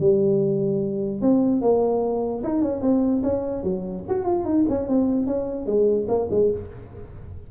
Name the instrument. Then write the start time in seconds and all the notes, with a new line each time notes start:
tuba
0.00 G3
1.21 C4
1.61 A#3
2.43 D#4
2.62 C#4
2.82 C4
3.23 C#4
3.63 F#3
4.08 F#4
4.25 F4
4.45 D#4
4.69 C#4
4.88 C4
5.27 C#4
5.66 G#3
6.08 A#3
6.30 G#3